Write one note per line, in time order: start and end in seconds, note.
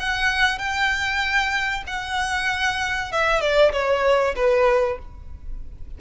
0.00 0.59 F#5
0.59 1.84 G5
1.88 3.12 F#5
3.12 3.41 E5
3.41 3.72 D5
3.73 4.35 C#5
4.36 4.99 B4